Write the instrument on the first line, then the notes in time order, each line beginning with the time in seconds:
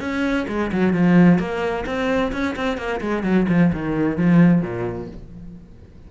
cello
0.00 C#4
0.48 G#3
0.72 F#3
0.93 F3
1.39 A#3
1.86 C4
2.32 C#4
2.56 C4
2.77 A#3
3.01 G#3
3.23 F#3
3.49 F3
3.73 D#3
4.17 F3
4.61 A#2